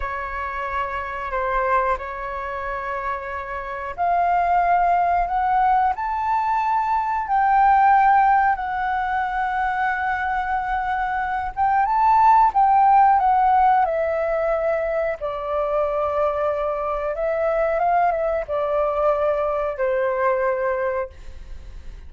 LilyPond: \new Staff \with { instrumentName = "flute" } { \time 4/4 \tempo 4 = 91 cis''2 c''4 cis''4~ | cis''2 f''2 | fis''4 a''2 g''4~ | g''4 fis''2.~ |
fis''4. g''8 a''4 g''4 | fis''4 e''2 d''4~ | d''2 e''4 f''8 e''8 | d''2 c''2 | }